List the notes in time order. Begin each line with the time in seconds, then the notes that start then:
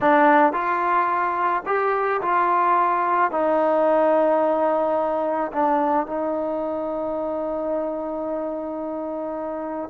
0.00 D4
0.53 F4
1.66 G4
2.21 F4
3.31 D#4
5.52 D4
6.06 D#4